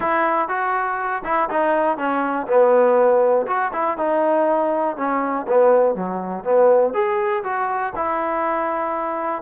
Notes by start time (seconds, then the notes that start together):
0.00 E4
0.48 F#4
1.24 E4
1.49 D#4
1.97 C#4
2.47 B3
3.46 F#4
3.72 E4
3.97 D#4
4.96 C#4
5.48 B3
5.95 F#3
6.44 B3
6.93 G#4
7.43 F#4
7.95 E4